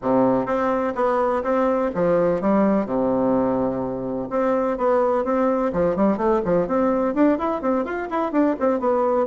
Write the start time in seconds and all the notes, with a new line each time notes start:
0.02 C3
0.46 C4
0.95 B3
1.43 C4
1.94 F3
2.41 G3
2.85 C3
4.30 C4
4.77 B3
5.24 C4
5.72 F3
5.95 G3
6.17 A3
6.44 F3
6.67 C4
7.14 D4
7.38 E4
7.61 C4
7.84 F4
8.10 E4
8.32 D4
8.59 C4
8.79 B3